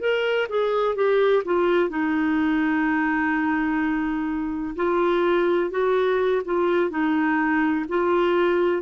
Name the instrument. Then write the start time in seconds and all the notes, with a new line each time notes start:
clarinet
0.00 A#4
0.49 G#4
0.96 G4
1.45 F4
1.89 D#4
4.76 F4
5.71 F#4
6.45 F4
6.90 D#4
7.88 F4